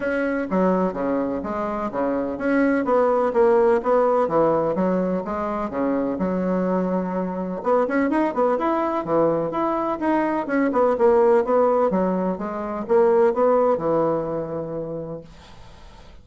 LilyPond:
\new Staff \with { instrumentName = "bassoon" } { \time 4/4 \tempo 4 = 126 cis'4 fis4 cis4 gis4 | cis4 cis'4 b4 ais4 | b4 e4 fis4 gis4 | cis4 fis2. |
b8 cis'8 dis'8 b8 e'4 e4 | e'4 dis'4 cis'8 b8 ais4 | b4 fis4 gis4 ais4 | b4 e2. | }